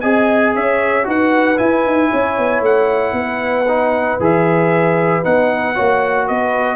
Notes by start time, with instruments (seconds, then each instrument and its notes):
0.00 tuba C4, trombone G#4, horn D#5, trumpet G#5
0.54 tuba C#4, horn C#5, trumpet E5
1.03 tuba D#4, trombone F#4, horn B4, trumpet F#5
1.56 trombone E4, tuba E4, trumpet G#5
1.85 tuba D#4
2.10 tuba C#4, horn C#5
2.38 tuba B3
2.61 tuba A3, trumpet F#5
3.12 tuba B3, horn B4
3.68 trombone D#4
4.19 tuba E3, trombone G#4, trumpet E5
5.23 tuba B3, trombone D#4, trumpet F#5
5.74 tuba A#3, trombone F#4, horn C#5
6.27 tuba B3, horn B4, trumpet D#5